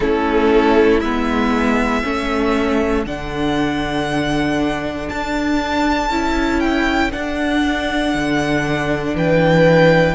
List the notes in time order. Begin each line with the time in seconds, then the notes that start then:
0.00 A3 C#4 E4 A4
1.00 G#3 B3 E5
2.04 A3 C#4 A4
3.05 D3 D4 F#5
5.08 D4 A5
6.10 C#4 E4
6.60 G5
7.11 D4 F#5
8.14 D3
9.14 E3 B4 G5